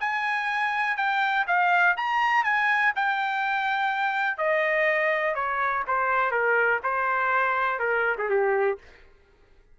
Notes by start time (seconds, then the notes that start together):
0.00 G#5
0.97 G5
1.47 F5
1.97 A#5
2.44 G#5
2.96 G5
4.38 D#5
5.35 C#5
5.87 C5
6.31 A#4
6.83 C5
7.80 A#4
8.18 G#4
8.30 G4